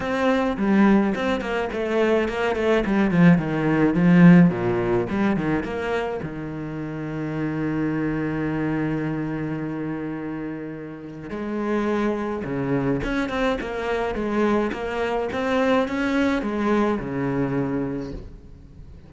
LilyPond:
\new Staff \with { instrumentName = "cello" } { \time 4/4 \tempo 4 = 106 c'4 g4 c'8 ais8 a4 | ais8 a8 g8 f8 dis4 f4 | ais,4 g8 dis8 ais4 dis4~ | dis1~ |
dis1 | gis2 cis4 cis'8 c'8 | ais4 gis4 ais4 c'4 | cis'4 gis4 cis2 | }